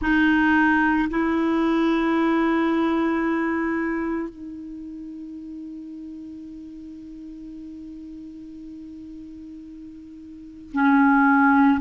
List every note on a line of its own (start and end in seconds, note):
0.01 1.08 D#4
1.10 4.29 E4
4.29 10.71 D#4
10.72 11.80 C#4